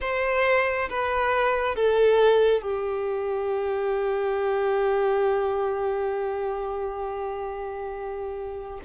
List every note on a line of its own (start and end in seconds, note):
0.00 0.89 C5
0.89 1.75 B4
1.75 2.62 A4
2.62 8.80 G4